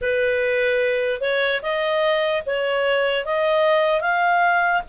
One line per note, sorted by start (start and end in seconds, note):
0.01 1.20 B4
1.20 1.61 C#5
1.61 2.43 D#5
2.45 3.25 C#5
3.25 4.01 D#5
4.01 4.82 F5